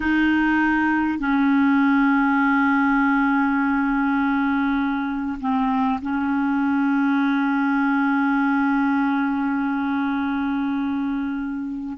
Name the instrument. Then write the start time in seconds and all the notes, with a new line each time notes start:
clarinet
0.00 D#4
1.18 C#4
5.40 C4
6.01 C#4